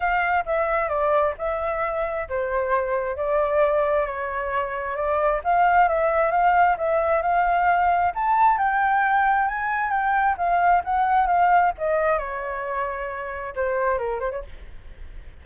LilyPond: \new Staff \with { instrumentName = "flute" } { \time 4/4 \tempo 4 = 133 f''4 e''4 d''4 e''4~ | e''4 c''2 d''4~ | d''4 cis''2 d''4 | f''4 e''4 f''4 e''4 |
f''2 a''4 g''4~ | g''4 gis''4 g''4 f''4 | fis''4 f''4 dis''4 cis''4~ | cis''2 c''4 ais'8 c''16 cis''16 | }